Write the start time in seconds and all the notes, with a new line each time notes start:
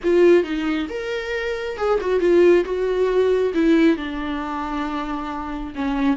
0.03 F4
0.43 D#4
0.89 A#4
1.77 G#4
2.00 F#4
2.20 F4
2.64 F#4
3.54 E4
3.97 D4
5.75 C#4